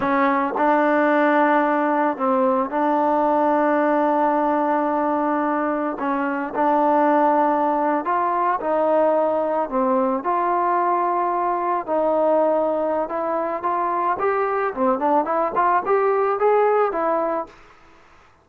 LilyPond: \new Staff \with { instrumentName = "trombone" } { \time 4/4 \tempo 4 = 110 cis'4 d'2. | c'4 d'2.~ | d'2. cis'4 | d'2~ d'8. f'4 dis'16~ |
dis'4.~ dis'16 c'4 f'4~ f'16~ | f'4.~ f'16 dis'2~ dis'16 | e'4 f'4 g'4 c'8 d'8 | e'8 f'8 g'4 gis'4 e'4 | }